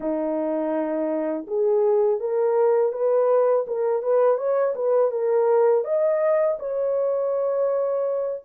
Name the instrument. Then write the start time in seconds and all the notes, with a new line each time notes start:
horn
0.00 D#4
1.47 G#4
2.20 A#4
2.92 B4
3.67 A#4
4.02 B4
4.37 C#5
4.75 B4
5.11 A#4
5.84 D#5
6.59 C#5